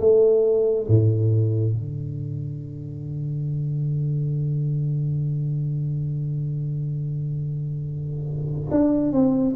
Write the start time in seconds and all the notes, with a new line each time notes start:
0.00 A3
0.87 A2
1.74 D3
8.71 D4
9.12 C4